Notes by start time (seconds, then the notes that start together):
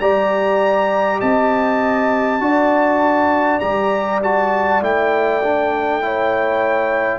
0.00 G3 G4 D5 A#5
1.20 C4 D#5 A5
2.40 D4 F#4 D5
3.60 G3 G4 A#5
4.24 F#4 A5
4.82 A3 E4 G5
5.43 D4
6.02 E4 C#5